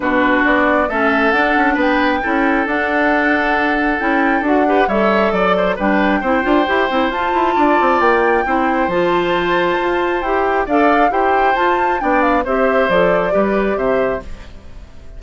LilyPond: <<
  \new Staff \with { instrumentName = "flute" } { \time 4/4 \tempo 4 = 135 b'4 d''4 e''4 fis''4 | g''2 fis''2~ | fis''4 g''4 fis''4 e''4 | d''4 g''2. |
a''2 g''2 | a''2. g''4 | f''4 g''4 a''4 g''8 f''8 | e''4 d''2 e''4 | }
  \new Staff \with { instrumentName = "oboe" } { \time 4/4 fis'2 a'2 | b'4 a'2.~ | a'2~ a'8 b'8 cis''4 | d''8 c''8 b'4 c''2~ |
c''4 d''2 c''4~ | c''1 | d''4 c''2 d''4 | c''2 b'4 c''4 | }
  \new Staff \with { instrumentName = "clarinet" } { \time 4/4 d'2 cis'4 d'4~ | d'4 e'4 d'2~ | d'4 e'4 fis'8 g'8 a'4~ | a'4 d'4 e'8 f'8 g'8 e'8 |
f'2. e'4 | f'2. g'4 | a'4 g'4 f'4 d'4 | g'4 a'4 g'2 | }
  \new Staff \with { instrumentName = "bassoon" } { \time 4/4 b,4 b4 a4 d'8 cis'8 | b4 cis'4 d'2~ | d'4 cis'4 d'4 g4 | fis4 g4 c'8 d'8 e'8 c'8 |
f'8 e'8 d'8 c'8 ais4 c'4 | f2 f'4 e'4 | d'4 e'4 f'4 b4 | c'4 f4 g4 c4 | }
>>